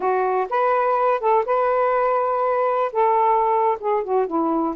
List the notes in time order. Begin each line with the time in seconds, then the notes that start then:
0.00 F#4
0.49 B4
1.20 A4
1.45 B4
2.92 A4
3.79 G#4
4.03 F#4
4.26 E4